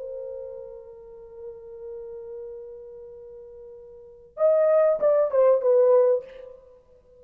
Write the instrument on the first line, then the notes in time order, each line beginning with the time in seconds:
horn
0.00 A#4
4.38 D#5
5.00 D5
5.32 C5
5.62 B4